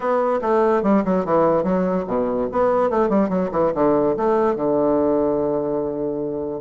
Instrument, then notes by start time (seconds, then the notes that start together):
bassoon
0.00 B3
0.41 A3
0.83 G3
1.05 F#3
1.25 E3
1.63 F#3
2.07 B2
2.51 B3
2.90 A3
3.09 G3
3.29 F#3
3.51 E3
3.74 D3
4.16 A3
4.55 D3